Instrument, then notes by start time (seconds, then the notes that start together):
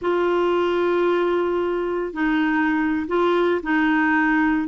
clarinet
0.01 F4
2.13 D#4
3.07 F4
3.62 D#4